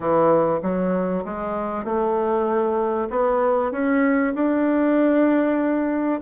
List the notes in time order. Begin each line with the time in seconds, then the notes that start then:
0.00 E3
0.62 F#3
1.24 G#3
1.84 A3
3.10 B3
3.71 C#4
4.34 D4